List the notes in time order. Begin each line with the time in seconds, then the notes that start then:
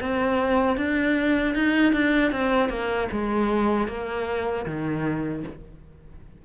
0.00 C4
0.77 D4
1.54 D#4
1.93 D4
2.32 C4
2.69 A#3
3.11 G#3
3.87 A#3
4.66 D#3